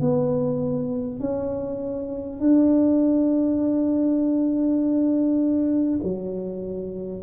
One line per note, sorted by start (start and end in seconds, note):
0.00 1.19 B3
1.19 2.39 C#4
2.39 5.99 D4
6.03 7.22 F#3